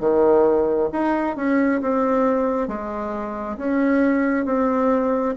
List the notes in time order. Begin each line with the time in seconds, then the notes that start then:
0.00 D#3
0.92 D#4
1.36 C#4
1.81 C4
2.68 G#3
3.57 C#4
4.46 C4